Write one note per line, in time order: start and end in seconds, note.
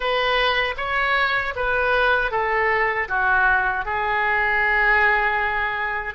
0.00 0.74 B4
0.77 1.53 C#5
1.55 2.31 B4
2.31 3.08 A4
3.08 3.85 F#4
3.85 6.14 G#4